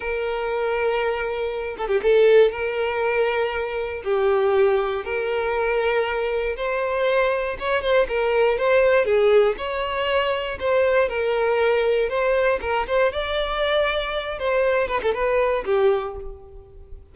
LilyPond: \new Staff \with { instrumentName = "violin" } { \time 4/4 \tempo 4 = 119 ais'2.~ ais'8 a'16 g'16 | a'4 ais'2. | g'2 ais'2~ | ais'4 c''2 cis''8 c''8 |
ais'4 c''4 gis'4 cis''4~ | cis''4 c''4 ais'2 | c''4 ais'8 c''8 d''2~ | d''8 c''4 b'16 a'16 b'4 g'4 | }